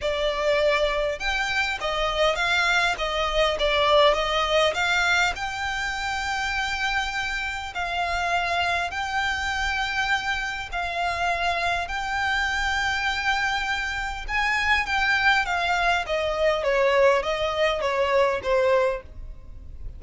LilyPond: \new Staff \with { instrumentName = "violin" } { \time 4/4 \tempo 4 = 101 d''2 g''4 dis''4 | f''4 dis''4 d''4 dis''4 | f''4 g''2.~ | g''4 f''2 g''4~ |
g''2 f''2 | g''1 | gis''4 g''4 f''4 dis''4 | cis''4 dis''4 cis''4 c''4 | }